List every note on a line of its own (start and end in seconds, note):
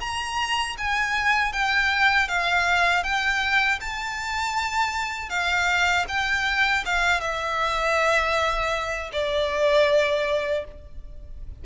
0.00 0.76 A#5
0.78 1.52 G#5
1.52 2.28 G5
2.28 3.03 F5
3.03 3.79 G5
3.80 5.29 A5
5.29 6.05 F5
6.08 6.84 G5
6.85 7.20 F5
7.20 9.10 E5
9.12 10.64 D5